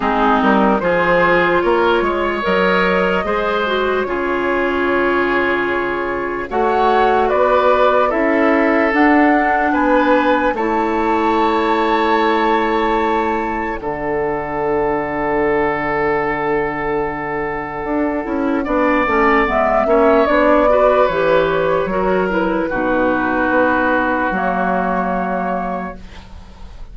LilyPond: <<
  \new Staff \with { instrumentName = "flute" } { \time 4/4 \tempo 4 = 74 gis'8 ais'8 c''4 cis''4 dis''4~ | dis''4 cis''2. | fis''4 d''4 e''4 fis''4 | gis''4 a''2.~ |
a''4 fis''2.~ | fis''1 | e''4 d''4 cis''4. b'8~ | b'2 cis''2 | }
  \new Staff \with { instrumentName = "oboe" } { \time 4/4 dis'4 gis'4 ais'8 cis''4. | c''4 gis'2. | cis''4 b'4 a'2 | b'4 cis''2.~ |
cis''4 a'2.~ | a'2. d''4~ | d''8 cis''4 b'4. ais'4 | fis'1 | }
  \new Staff \with { instrumentName = "clarinet" } { \time 4/4 c'4 f'2 ais'4 | gis'8 fis'8 f'2. | fis'2 e'4 d'4~ | d'4 e'2.~ |
e'4 d'2.~ | d'2~ d'8 e'8 d'8 cis'8 | b8 cis'8 d'8 fis'8 g'4 fis'8 e'8 | dis'2 ais2 | }
  \new Staff \with { instrumentName = "bassoon" } { \time 4/4 gis8 g8 f4 ais8 gis8 fis4 | gis4 cis2. | a4 b4 cis'4 d'4 | b4 a2.~ |
a4 d2.~ | d2 d'8 cis'8 b8 a8 | gis8 ais8 b4 e4 fis4 | b,4 b4 fis2 | }
>>